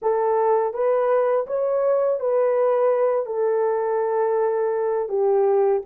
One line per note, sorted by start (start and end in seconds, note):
0.02 0.73 A4
0.73 1.46 B4
1.46 2.20 C#5
2.20 3.26 B4
3.26 5.09 A4
5.09 5.82 G4